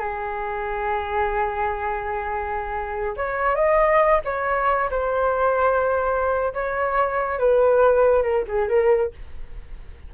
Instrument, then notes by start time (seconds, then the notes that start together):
flute
0.00 G#4
3.17 C#5
3.56 D#5
4.25 C#5
4.91 C5
6.54 C#5
7.39 B4
8.23 A#4
8.48 G#4
8.69 A#4